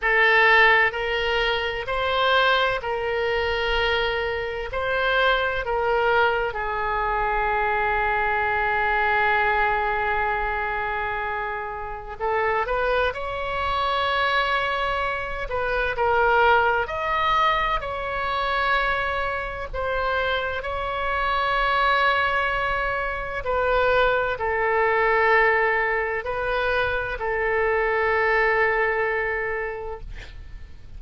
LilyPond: \new Staff \with { instrumentName = "oboe" } { \time 4/4 \tempo 4 = 64 a'4 ais'4 c''4 ais'4~ | ais'4 c''4 ais'4 gis'4~ | gis'1~ | gis'4 a'8 b'8 cis''2~ |
cis''8 b'8 ais'4 dis''4 cis''4~ | cis''4 c''4 cis''2~ | cis''4 b'4 a'2 | b'4 a'2. | }